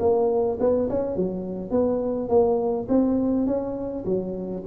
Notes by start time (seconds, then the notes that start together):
0.00 A#3
0.60 B3
0.89 C#4
1.17 F#3
1.71 B3
2.30 A#3
2.89 C4
3.47 C#4
4.05 F#3